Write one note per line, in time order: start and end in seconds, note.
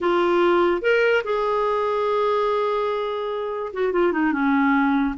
0.00 0.81 F4
0.81 1.22 A#4
1.24 3.72 G#4
3.73 3.92 F#4
3.92 4.12 F4
4.12 4.32 D#4
4.32 5.15 C#4